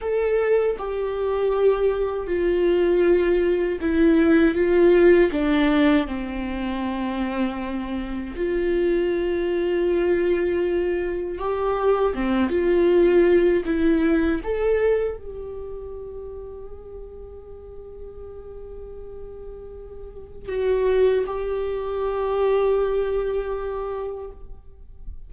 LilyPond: \new Staff \with { instrumentName = "viola" } { \time 4/4 \tempo 4 = 79 a'4 g'2 f'4~ | f'4 e'4 f'4 d'4 | c'2. f'4~ | f'2. g'4 |
c'8 f'4. e'4 a'4 | g'1~ | g'2. fis'4 | g'1 | }